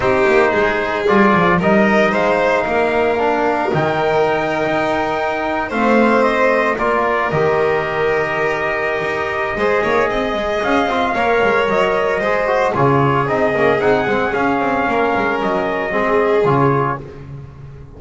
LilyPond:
<<
  \new Staff \with { instrumentName = "trumpet" } { \time 4/4 \tempo 4 = 113 c''2 d''4 dis''4 | f''2. g''4~ | g''2~ g''8. f''4 dis''16~ | dis''8. d''4 dis''2~ dis''16~ |
dis''1 | f''2 dis''2 | cis''4 dis''4 fis''4 f''4~ | f''4 dis''2 cis''4 | }
  \new Staff \with { instrumentName = "violin" } { \time 4/4 g'4 gis'2 ais'4 | c''4 ais'2.~ | ais'2~ ais'8. c''4~ c''16~ | c''8. ais'2.~ ais'16~ |
ais'2 c''8 cis''8 dis''4~ | dis''4 cis''2 c''4 | gis'1 | ais'2 gis'2 | }
  \new Staff \with { instrumentName = "trombone" } { \time 4/4 dis'2 f'4 dis'4~ | dis'2 d'4 dis'4~ | dis'2~ dis'8. c'4~ c'16~ | c'8. f'4 g'2~ g'16~ |
g'2 gis'2~ | gis'8 f'8 ais'2 gis'8 fis'8 | f'4 dis'8 cis'8 dis'8 c'8 cis'4~ | cis'2 c'4 f'4 | }
  \new Staff \with { instrumentName = "double bass" } { \time 4/4 c'8 ais8 gis4 g8 f8 g4 | gis4 ais2 dis4~ | dis8. dis'2 a4~ a16~ | a8. ais4 dis2~ dis16~ |
dis4 dis'4 gis8 ais8 c'8 gis8 | cis'8 c'8 ais8 gis8 fis4 gis4 | cis4 c'8 ais8 c'8 gis8 cis'8 c'8 | ais8 gis8 fis4 gis4 cis4 | }
>>